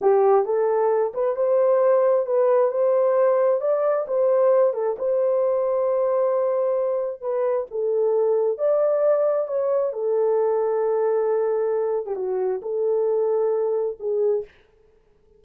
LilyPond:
\new Staff \with { instrumentName = "horn" } { \time 4/4 \tempo 4 = 133 g'4 a'4. b'8 c''4~ | c''4 b'4 c''2 | d''4 c''4. a'8 c''4~ | c''1 |
b'4 a'2 d''4~ | d''4 cis''4 a'2~ | a'2~ a'8. g'16 fis'4 | a'2. gis'4 | }